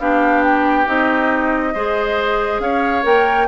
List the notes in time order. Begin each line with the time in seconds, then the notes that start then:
0.00 B3 D4 G4 F5
0.45 G5
0.87 C4 D#4 D#5
1.75 G#3 G#4 C5
2.60 C#4 C#5 F5
3.03 A#3 A#4 G5